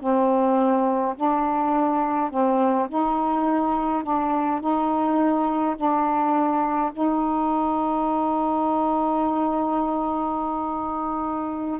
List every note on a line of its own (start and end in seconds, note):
0.00 1.15 C4
1.16 2.30 D4
2.30 2.88 C4
2.88 4.03 D#4
4.03 4.60 D4
4.60 5.75 D#4
5.76 6.92 D4
6.92 11.80 D#4